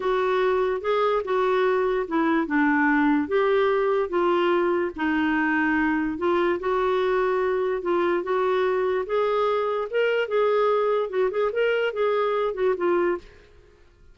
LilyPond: \new Staff \with { instrumentName = "clarinet" } { \time 4/4 \tempo 4 = 146 fis'2 gis'4 fis'4~ | fis'4 e'4 d'2 | g'2 f'2 | dis'2. f'4 |
fis'2. f'4 | fis'2 gis'2 | ais'4 gis'2 fis'8 gis'8 | ais'4 gis'4. fis'8 f'4 | }